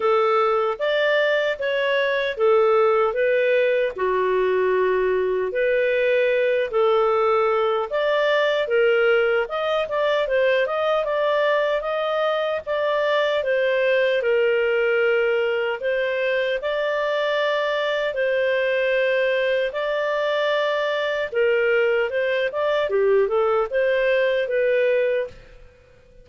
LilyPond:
\new Staff \with { instrumentName = "clarinet" } { \time 4/4 \tempo 4 = 76 a'4 d''4 cis''4 a'4 | b'4 fis'2 b'4~ | b'8 a'4. d''4 ais'4 | dis''8 d''8 c''8 dis''8 d''4 dis''4 |
d''4 c''4 ais'2 | c''4 d''2 c''4~ | c''4 d''2 ais'4 | c''8 d''8 g'8 a'8 c''4 b'4 | }